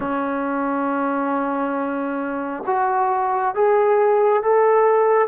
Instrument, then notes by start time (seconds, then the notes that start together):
trombone
0.00 C#4
2.66 F#4
3.55 G#4
4.42 A4